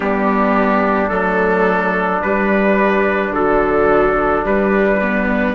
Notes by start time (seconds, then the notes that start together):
0.00 G3 B3 D4 G4
1.08 F#3 A3 A4
2.22 G3 B4
3.30 D3 F#3 A4
4.44 G3 B4
5.01 B3